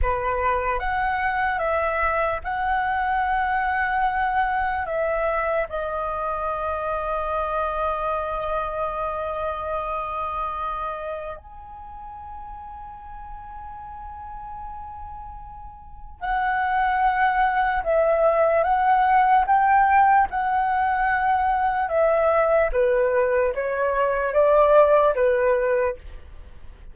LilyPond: \new Staff \with { instrumentName = "flute" } { \time 4/4 \tempo 4 = 74 b'4 fis''4 e''4 fis''4~ | fis''2 e''4 dis''4~ | dis''1~ | dis''2 gis''2~ |
gis''1 | fis''2 e''4 fis''4 | g''4 fis''2 e''4 | b'4 cis''4 d''4 b'4 | }